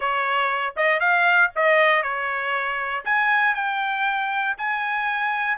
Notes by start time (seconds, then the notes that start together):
0.00 C#5
0.76 D#5
1.00 F5
1.55 D#5
2.02 C#5
3.05 G#5
3.55 G5
4.57 G#5